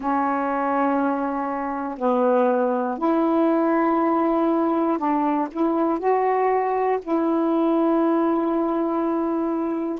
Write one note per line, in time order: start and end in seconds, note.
0.00 1.97 C#4
1.97 2.97 B3
2.98 4.97 E4
4.97 5.47 D4
5.51 5.99 E4
5.99 6.99 F#4
7.02 9.99 E4